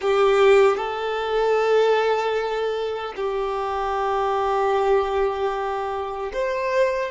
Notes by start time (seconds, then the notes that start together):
0.01 G4
0.76 A4
3.16 G4
6.33 C5